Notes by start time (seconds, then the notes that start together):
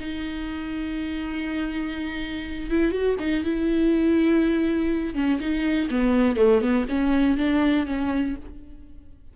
0.00 D#4
2.71 E4
2.92 F#4
3.20 D#4
3.44 E4
5.15 C#4
5.41 D#4
5.91 B3
6.37 A3
6.62 B3
6.89 C#4
7.38 D4
7.87 C#4